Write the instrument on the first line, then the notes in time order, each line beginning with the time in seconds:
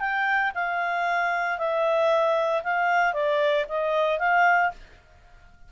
clarinet
0.00 G5
0.55 F5
1.58 E5
2.64 F5
3.14 D5
3.69 D#5
4.19 F5